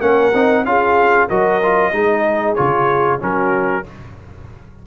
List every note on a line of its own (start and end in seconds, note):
0.00 0.32 A#3
0.00 0.32 C#4
0.00 0.64 A#4
0.00 0.64 F#5
0.34 0.65 C4
0.34 0.65 D#4
0.65 1.28 C#4
0.65 1.29 F4
0.65 1.28 G#4
0.65 1.29 F5
1.28 1.92 F#3
1.28 1.62 F#4
1.28 1.92 A#4
1.28 2.55 D#5
1.62 1.92 F4
1.92 2.56 G#3
1.92 2.56 D#4
1.92 3.20 G#4
2.55 3.21 C#3
2.55 3.20 F4
2.55 3.18 C#5
3.20 3.85 F#3
3.20 3.83 C#4
3.20 3.84 F#4
3.20 3.86 A#4